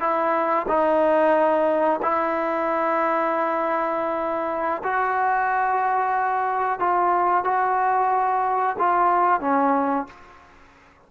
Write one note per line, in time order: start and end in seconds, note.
0.00 0.66 E4
0.68 2.00 D#4
2.02 4.82 E4
4.83 6.79 F#4
6.79 7.44 F4
7.44 8.76 F#4
8.78 9.40 F4
9.40 10.06 C#4